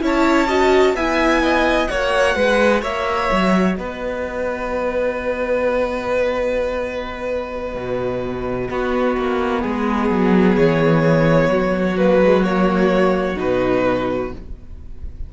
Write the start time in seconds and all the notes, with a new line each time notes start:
0.00 C#4 E4 C#5 A5
0.47 F#4 D#5
0.93 B3 E4 E5 G#5
1.43 D#5
1.87 A#3 F#4 C#5 F#5
2.35 G#3 B4
2.81 A#3 C#5 E5
3.31 F#3
3.74 B3 B4 D#5
7.75 B2
8.69 B3 F#4
9.17 A#3
9.61 G#3 G#4
10.10 F#3
10.56 E3 C#5
11.49 F#3 F#4
11.97 A#3 B4
12.24 G#3
12.43 A#3 C#5
13.36 B2 D#4 B4